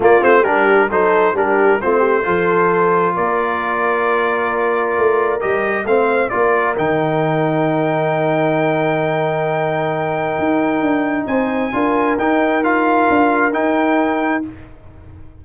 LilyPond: <<
  \new Staff \with { instrumentName = "trumpet" } { \time 4/4 \tempo 4 = 133 d''8 c''8 ais'4 c''4 ais'4 | c''2. d''4~ | d''1 | dis''4 f''4 d''4 g''4~ |
g''1~ | g''1~ | g''4 gis''2 g''4 | f''2 g''2 | }
  \new Staff \with { instrumentName = "horn" } { \time 4/4 f'4 g'4 a'4 g'4 | f'8 g'8 a'2 ais'4~ | ais'1~ | ais'4 c''4 ais'2~ |
ais'1~ | ais'1~ | ais'4 c''4 ais'2~ | ais'1 | }
  \new Staff \with { instrumentName = "trombone" } { \time 4/4 ais8 c'8 d'4 dis'4 d'4 | c'4 f'2.~ | f'1 | g'4 c'4 f'4 dis'4~ |
dis'1~ | dis'1~ | dis'2 f'4 dis'4 | f'2 dis'2 | }
  \new Staff \with { instrumentName = "tuba" } { \time 4/4 ais8 a8 g4 fis4 g4 | a4 f2 ais4~ | ais2. a4 | g4 a4 ais4 dis4~ |
dis1~ | dis2. dis'4 | d'4 c'4 d'4 dis'4~ | dis'4 d'4 dis'2 | }
>>